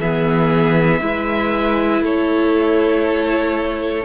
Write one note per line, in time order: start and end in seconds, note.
0.00 1.01 E3
0.00 1.00 B3
0.00 1.02 G#4
0.00 2.04 E5
1.00 2.01 G#3
1.00 4.05 E4
1.00 2.03 B4
2.01 4.05 A3
2.01 4.05 A4
2.01 4.05 C#5